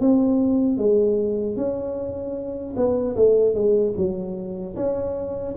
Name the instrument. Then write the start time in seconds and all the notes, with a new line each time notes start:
tuba
0.00 C4
0.78 G#3
1.56 C#4
2.76 B3
3.16 A3
3.54 G#3
3.97 F#3
4.76 C#4